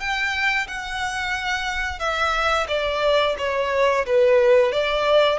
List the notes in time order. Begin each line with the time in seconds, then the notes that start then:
0.00 G5
0.68 F#5
1.99 E5
2.68 D5
3.38 C#5
4.06 B4
4.72 D5